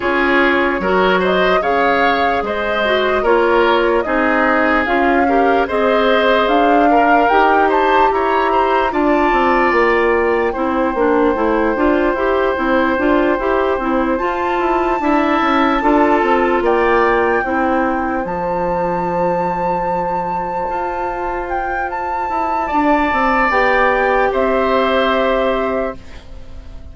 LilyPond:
<<
  \new Staff \with { instrumentName = "flute" } { \time 4/4 \tempo 4 = 74 cis''4. dis''8 f''4 dis''4 | cis''4 dis''4 f''4 dis''4 | f''4 g''8 a''8 ais''4 a''4 | g''1~ |
g''4. a''2~ a''8~ | a''8 g''2 a''4.~ | a''2~ a''8 g''8 a''4~ | a''4 g''4 e''2 | }
  \new Staff \with { instrumentName = "oboe" } { \time 4/4 gis'4 ais'8 c''8 cis''4 c''4 | ais'4 gis'4. ais'8 c''4~ | c''8 ais'4 c''8 cis''8 c''8 d''4~ | d''4 c''2.~ |
c''2~ c''8 e''4 a'8~ | a'8 d''4 c''2~ c''8~ | c''1 | d''2 c''2 | }
  \new Staff \with { instrumentName = "clarinet" } { \time 4/4 f'4 fis'4 gis'4. fis'8 | f'4 dis'4 f'8 g'8 gis'4~ | gis'8 ais'8 g'2 f'4~ | f'4 e'8 d'8 e'8 f'8 g'8 e'8 |
f'8 g'8 e'8 f'4 e'4 f'8~ | f'4. e'4 f'4.~ | f'1~ | f'4 g'2. | }
  \new Staff \with { instrumentName = "bassoon" } { \time 4/4 cis'4 fis4 cis4 gis4 | ais4 c'4 cis'4 c'4 | d'4 dis'4 e'4 d'8 c'8 | ais4 c'8 ais8 a8 d'8 e'8 c'8 |
d'8 e'8 c'8 f'8 e'8 d'8 cis'8 d'8 | c'8 ais4 c'4 f4.~ | f4. f'2 e'8 | d'8 c'8 b4 c'2 | }
>>